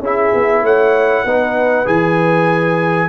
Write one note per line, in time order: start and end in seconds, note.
0.00 0.31 C#4
0.00 1.27 E4
0.00 0.63 G#4
0.00 0.65 E5
0.34 0.63 B3
0.63 1.24 A3
0.63 1.24 C#5
0.63 1.87 F#5
1.24 1.86 B3
1.24 1.85 D#4
1.24 3.09 B4
1.85 3.09 E3
1.85 3.08 G#4
1.85 3.09 G#5